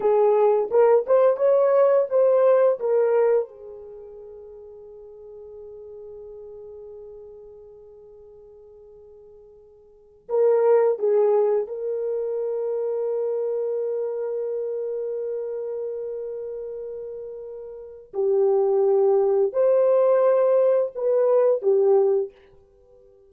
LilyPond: \new Staff \with { instrumentName = "horn" } { \time 4/4 \tempo 4 = 86 gis'4 ais'8 c''8 cis''4 c''4 | ais'4 gis'2.~ | gis'1~ | gis'2~ gis'8. ais'4 gis'16~ |
gis'8. ais'2.~ ais'16~ | ais'1~ | ais'2 g'2 | c''2 b'4 g'4 | }